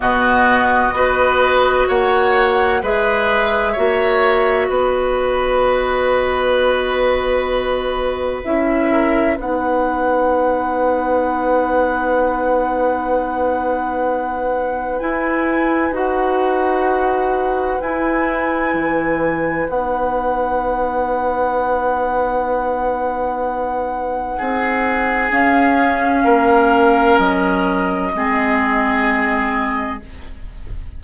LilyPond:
<<
  \new Staff \with { instrumentName = "flute" } { \time 4/4 \tempo 4 = 64 dis''2 fis''4 e''4~ | e''4 dis''2.~ | dis''4 e''4 fis''2~ | fis''1 |
gis''4 fis''2 gis''4~ | gis''4 fis''2.~ | fis''2. f''4~ | f''4 dis''2. | }
  \new Staff \with { instrumentName = "oboe" } { \time 4/4 fis'4 b'4 cis''4 b'4 | cis''4 b'2.~ | b'4. ais'8 b'2~ | b'1~ |
b'1~ | b'1~ | b'2 gis'2 | ais'2 gis'2 | }
  \new Staff \with { instrumentName = "clarinet" } { \time 4/4 b4 fis'2 gis'4 | fis'1~ | fis'4 e'4 dis'2~ | dis'1 |
e'4 fis'2 e'4~ | e'4 dis'2.~ | dis'2. cis'4~ | cis'2 c'2 | }
  \new Staff \with { instrumentName = "bassoon" } { \time 4/4 b,4 b4 ais4 gis4 | ais4 b2.~ | b4 cis'4 b2~ | b1 |
e'4 dis'2 e'4 | e4 b2.~ | b2 c'4 cis'4 | ais4 fis4 gis2 | }
>>